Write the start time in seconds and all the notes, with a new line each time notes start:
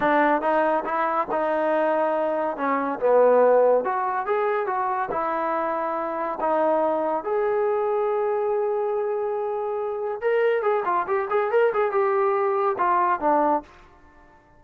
0.00 D4
0.41 D#4
0.85 E4
1.31 D#4
2.56 C#4
2.99 B3
3.84 F#4
4.26 G#4
4.66 F#4
5.11 E4
6.40 D#4
7.24 G#4
10.21 A#4
10.62 G#4
10.85 F4
11.07 G4
11.30 G#4
11.51 A#4
11.73 G#4
11.91 G4
12.78 F4
13.19 D4